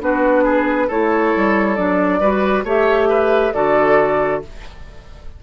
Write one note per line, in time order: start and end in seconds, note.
0.00 0.89 B3
0.00 0.88 D4
0.00 0.44 F#4
0.00 0.90 B4
0.44 0.87 G#4
0.87 1.34 A3
0.87 1.76 E4
0.87 2.19 A4
0.87 1.76 C#5
1.36 1.78 G3
1.76 2.20 F#3
1.76 2.20 D4
1.76 2.64 D5
2.20 2.64 G3
2.20 2.64 F#4
2.20 2.64 B4
2.64 3.52 A3
2.64 3.54 G4
2.64 3.09 C#5
2.64 3.53 E5
3.09 3.53 B4
3.53 4.42 D3
3.53 4.42 F#4
3.53 4.43 A4
3.53 4.42 D5